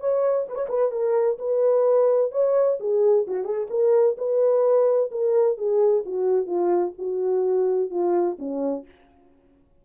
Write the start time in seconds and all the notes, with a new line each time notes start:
0.00 C#5
0.48 B4
0.55 C#5
0.69 B4
0.92 A#4
1.38 B4
2.32 C#5
2.80 G#4
3.27 F#4
3.44 G#4
3.70 A#4
4.18 B4
5.11 A#4
5.57 G#4
6.05 F#4
6.46 F4
6.98 F#4
7.90 F4
8.39 C#4